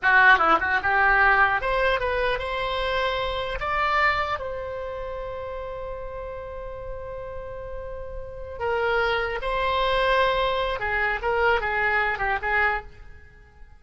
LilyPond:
\new Staff \with { instrumentName = "oboe" } { \time 4/4 \tempo 4 = 150 fis'4 e'8 fis'8 g'2 | c''4 b'4 c''2~ | c''4 d''2 c''4~ | c''1~ |
c''1~ | c''4. ais'2 c''8~ | c''2. gis'4 | ais'4 gis'4. g'8 gis'4 | }